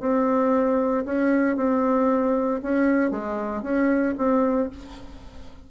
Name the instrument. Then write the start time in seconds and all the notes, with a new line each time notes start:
bassoon
0.00 C4
1.05 C#4
1.56 C4
2.62 C#4
3.11 G#3
3.62 C#4
4.17 C4